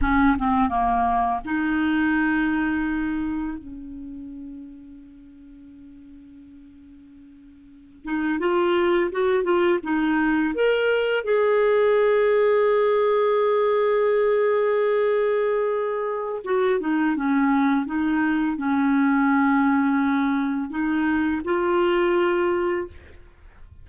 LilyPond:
\new Staff \with { instrumentName = "clarinet" } { \time 4/4 \tempo 4 = 84 cis'8 c'8 ais4 dis'2~ | dis'4 cis'2.~ | cis'2.~ cis'16 dis'8 f'16~ | f'8. fis'8 f'8 dis'4 ais'4 gis'16~ |
gis'1~ | gis'2. fis'8 dis'8 | cis'4 dis'4 cis'2~ | cis'4 dis'4 f'2 | }